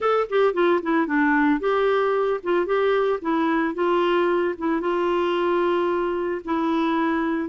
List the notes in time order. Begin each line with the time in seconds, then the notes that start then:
0.00 A4
0.29 G4
0.53 F4
0.82 E4
1.06 D4
1.59 G4
2.43 F4
2.65 G4
3.21 E4
3.74 F4
4.58 E4
4.80 F4
6.44 E4